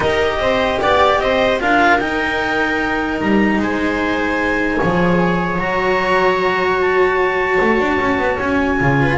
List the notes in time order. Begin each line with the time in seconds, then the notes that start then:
0.00 D#4 G4 A#4 D#5
0.38 C4 C5
0.81 B3 D5
1.19 C4 C5 D#5
1.59 D4 F4 A#4 F5
1.98 D#4 G5
3.20 G3 A#5
3.57 G#3 C5 G#5
4.80 F3 G#4 C#5
5.58 F#3 F#4 A#5
6.81 A5
7.61 A3
7.79 D4
8.00 C#4
8.17 B3
8.39 C#4 G#5
8.80 C#3 F4
9.01 B4